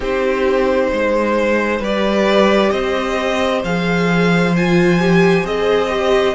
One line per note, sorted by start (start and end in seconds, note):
0.00 0.91 C4
0.00 1.82 D#4
0.00 0.88 G4
0.00 1.84 C5
0.92 1.79 G#3
0.92 1.80 C5
1.79 2.70 G3
1.79 3.64 G4
1.79 2.71 B4
1.79 2.70 D5
2.70 3.63 C4
2.70 6.35 C5
2.70 3.61 D#5
3.63 5.44 F3
3.63 4.55 G#4
3.63 4.55 F5
4.55 4.99 F4
4.55 5.45 G#5
4.99 5.44 G4
5.44 6.34 C4
5.44 5.89 G#4
5.44 6.35 D#5
5.89 6.34 G4